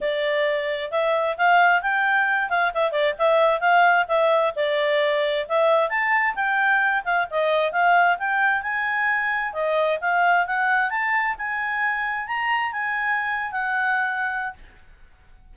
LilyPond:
\new Staff \with { instrumentName = "clarinet" } { \time 4/4 \tempo 4 = 132 d''2 e''4 f''4 | g''4. f''8 e''8 d''8 e''4 | f''4 e''4 d''2 | e''4 a''4 g''4. f''8 |
dis''4 f''4 g''4 gis''4~ | gis''4 dis''4 f''4 fis''4 | a''4 gis''2 ais''4 | gis''4.~ gis''16 fis''2~ fis''16 | }